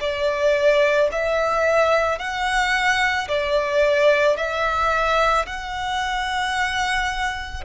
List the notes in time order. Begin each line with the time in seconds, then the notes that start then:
0.00 D5
1.12 E5
2.19 F#5
3.28 D5
4.37 E5
5.46 F#5